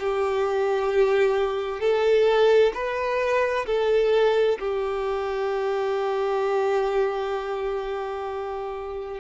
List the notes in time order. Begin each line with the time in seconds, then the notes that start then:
0.00 G4
1.81 A4
2.74 B4
3.67 A4
4.59 G4